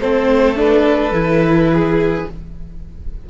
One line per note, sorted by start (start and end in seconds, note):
0.00 1.12 A3
0.00 0.55 C4
0.00 1.71 A4
0.00 0.57 C5
0.55 1.12 D4
0.55 2.30 B4
1.12 2.25 E3
1.12 2.27 E4
1.73 2.30 G#4